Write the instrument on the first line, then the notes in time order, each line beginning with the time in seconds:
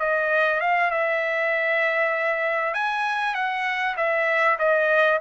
trumpet
0.00 D#5
0.61 F5
0.91 E5
2.74 G#5
3.35 F#5
3.97 E5
4.59 D#5